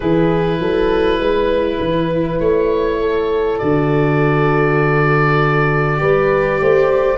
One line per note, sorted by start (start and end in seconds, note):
0.00 0.59 E3
0.00 3.60 E4
0.00 0.59 G#4
0.00 2.39 B4
0.59 1.19 F#3
0.59 1.20 A4
1.19 1.79 G#3
1.19 3.00 B4
1.79 2.39 E3
2.39 3.59 A3
2.39 3.58 C#5
3.00 6.00 A4
3.58 6.02 D3
3.58 5.97 F#4
3.58 7.18 D5
5.97 6.60 G3
5.97 7.17 G4
5.97 6.61 B4
6.60 7.18 A3
6.60 7.18 C5